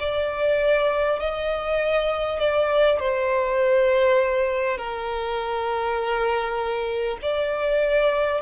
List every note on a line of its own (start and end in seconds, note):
0.00 1.20 D5
1.20 2.39 D#5
2.39 2.99 D5
3.00 4.78 C5
4.78 7.18 A#4
7.22 8.42 D5